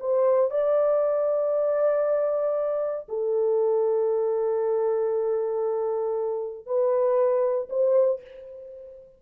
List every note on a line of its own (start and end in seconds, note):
0.00 0.51 C5
0.51 3.07 D5
3.09 6.66 A4
6.66 7.69 B4
7.70 8.21 C5